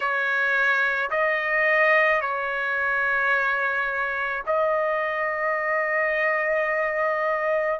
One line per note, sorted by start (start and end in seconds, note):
0.00 1.10 C#5
1.10 2.21 D#5
2.21 4.43 C#5
4.46 7.79 D#5